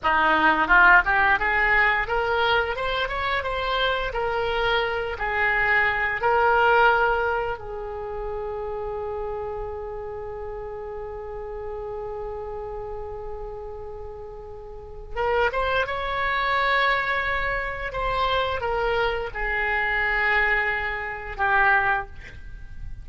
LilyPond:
\new Staff \with { instrumentName = "oboe" } { \time 4/4 \tempo 4 = 87 dis'4 f'8 g'8 gis'4 ais'4 | c''8 cis''8 c''4 ais'4. gis'8~ | gis'4 ais'2 gis'4~ | gis'1~ |
gis'1~ | gis'2 ais'8 c''8 cis''4~ | cis''2 c''4 ais'4 | gis'2. g'4 | }